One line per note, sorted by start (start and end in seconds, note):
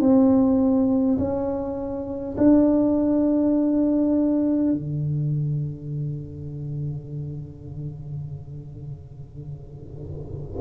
0.00 1.18 C4
1.18 2.36 C#4
2.37 4.73 D4
4.73 10.61 D3